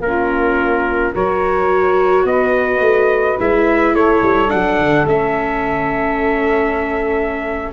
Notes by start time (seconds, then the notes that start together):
0.00 A#3 C#4 F4 A#4
1.12 F#3 F#4 A#4 C#5
2.25 B3 B4 D#5
2.80 A3
3.40 G#3 E4 E5
3.94 A3 A4 C#5
4.22 G3
4.48 F#3 D4 F#5
4.79 D3
5.05 A3 C#4 E5